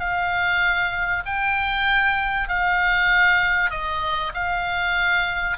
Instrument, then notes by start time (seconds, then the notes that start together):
oboe
0.00 F5
1.26 G5
2.49 F5
3.71 D#5
4.34 F5